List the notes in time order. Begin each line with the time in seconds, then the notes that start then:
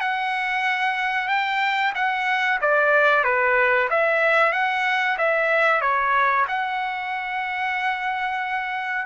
0.00 F#5
1.28 G5
1.94 F#5
2.61 D5
3.23 B4
3.90 E5
4.52 F#5
5.17 E5
5.81 C#5
6.48 F#5